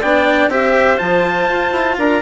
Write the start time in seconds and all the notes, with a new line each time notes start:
0.00 B3 D4 D5 G5
0.48 C4 G4 C5 E5
0.97 F3 F4 A5
1.49 F4
1.72 E4
1.98 D4 A#4 A#5